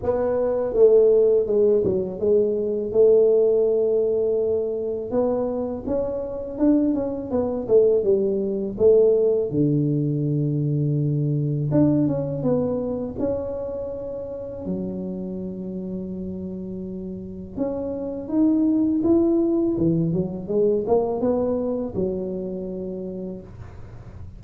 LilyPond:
\new Staff \with { instrumentName = "tuba" } { \time 4/4 \tempo 4 = 82 b4 a4 gis8 fis8 gis4 | a2. b4 | cis'4 d'8 cis'8 b8 a8 g4 | a4 d2. |
d'8 cis'8 b4 cis'2 | fis1 | cis'4 dis'4 e'4 e8 fis8 | gis8 ais8 b4 fis2 | }